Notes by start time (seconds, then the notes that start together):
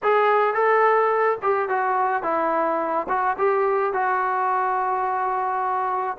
0.02 G#4
0.54 A4
1.42 G4
1.68 F#4
2.23 E4
3.08 F#4
3.38 G4
3.93 F#4